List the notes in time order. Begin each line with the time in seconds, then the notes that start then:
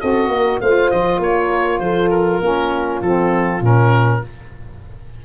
0.00 C4 F#4 A4 D#5
0.28 A#3 A#4
0.61 A3 F4 C5 F5
0.91 F3 D#5
1.19 A#3 C#5
1.25 A#4
1.79 F3 A4 C5
2.10 A#4
2.41 A#3 C#4 F4
3.01 F3 C4 A4
3.60 A#2 C#4 A#4